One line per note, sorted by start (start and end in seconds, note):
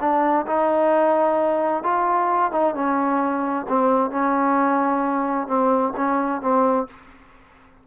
0.00 0.46 D4
0.47 1.83 D#4
1.83 2.52 F4
2.52 2.74 D#4
2.74 3.66 C#4
3.68 4.11 C4
4.11 5.47 C#4
5.47 5.93 C4
5.96 6.41 C#4
6.41 6.87 C4